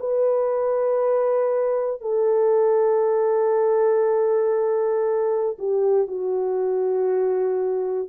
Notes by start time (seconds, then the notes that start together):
0.00 B4
2.01 A4
5.58 G4
6.07 F#4